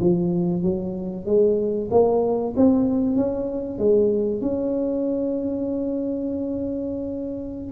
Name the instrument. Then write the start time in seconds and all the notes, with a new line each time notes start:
tuba
0.00 F3
0.63 F#3
1.25 G#3
1.91 A#3
2.56 C4
3.16 C#4
3.78 G#3
4.41 C#4